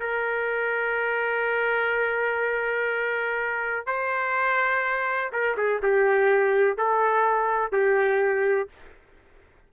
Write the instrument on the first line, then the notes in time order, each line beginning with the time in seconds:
trumpet
0.00 A#4
3.86 C5
5.32 A#4
5.58 G#4
5.83 G4
6.78 A4
7.72 G4